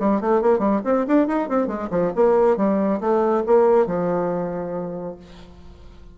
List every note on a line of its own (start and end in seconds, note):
0.00 0.22 G3
0.22 0.42 A3
0.42 0.59 A#3
0.59 0.81 G3
0.85 1.07 C4
1.08 1.28 D4
1.28 1.49 D#4
1.50 1.68 C4
1.68 1.89 G#3
1.91 2.12 F3
2.16 2.57 A#3
2.57 3.01 G3
3.01 3.44 A3
3.47 3.87 A#3
3.87 5.16 F3